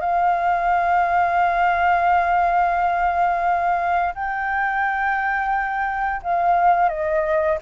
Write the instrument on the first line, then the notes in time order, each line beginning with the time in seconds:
flute
0.00 F5
4.14 G5
6.22 F5
6.88 D#5